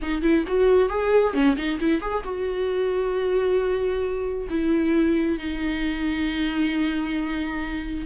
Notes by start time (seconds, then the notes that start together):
0.02 D#4
0.21 E4
0.47 F#4
0.89 G#4
1.33 C#4
1.56 D#4
1.80 E4
2.01 G#4
2.24 F#4
4.49 E4
5.38 D#4